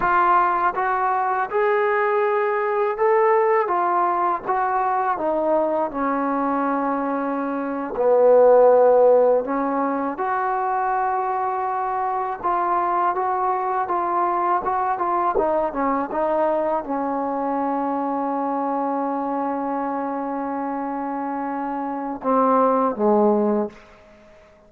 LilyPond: \new Staff \with { instrumentName = "trombone" } { \time 4/4 \tempo 4 = 81 f'4 fis'4 gis'2 | a'4 f'4 fis'4 dis'4 | cis'2~ cis'8. b4~ b16~ | b8. cis'4 fis'2~ fis'16~ |
fis'8. f'4 fis'4 f'4 fis'16~ | fis'16 f'8 dis'8 cis'8 dis'4 cis'4~ cis'16~ | cis'1~ | cis'2 c'4 gis4 | }